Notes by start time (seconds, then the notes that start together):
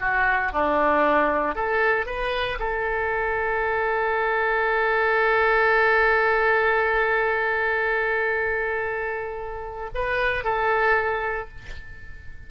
0.00 F#4
0.52 D4
1.55 A4
2.06 B4
2.59 A4
9.94 B4
10.44 A4